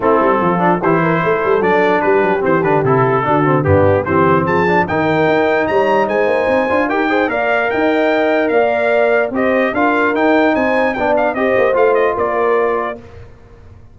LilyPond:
<<
  \new Staff \with { instrumentName = "trumpet" } { \time 4/4 \tempo 4 = 148 a'2 c''2 | d''4 b'4 c''8 b'8 a'4~ | a'4 g'4 c''4 a''4 | g''2 ais''4 gis''4~ |
gis''4 g''4 f''4 g''4~ | g''4 f''2 dis''4 | f''4 g''4 gis''4 g''8 f''8 | dis''4 f''8 dis''8 d''2 | }
  \new Staff \with { instrumentName = "horn" } { \time 4/4 e'4 f'4 g'8 ais'8 a'4~ | a'4 g'2. | fis'4 d'4 g'4 gis'4 | ais'2 cis''4 c''4~ |
c''4 ais'8 c''8 d''4 dis''4~ | dis''4 d''2 c''4 | ais'2 c''4 d''4 | c''2 ais'2 | }
  \new Staff \with { instrumentName = "trombone" } { \time 4/4 c'4. d'8 e'2 | d'2 c'8 d'8 e'4 | d'8 c'8 b4 c'4. d'8 | dis'1~ |
dis'8 f'8 g'8 gis'8 ais'2~ | ais'2. g'4 | f'4 dis'2 d'4 | g'4 f'2. | }
  \new Staff \with { instrumentName = "tuba" } { \time 4/4 a8 g8 f4 e4 a8 g8 | fis4 g8 fis8 e8 d8 c4 | d4 g,4 e4 f4 | dis4 dis'4 g4 gis8 ais8 |
c'8 d'8 dis'4 ais4 dis'4~ | dis'4 ais2 c'4 | d'4 dis'4 c'4 b4 | c'8 ais8 a4 ais2 | }
>>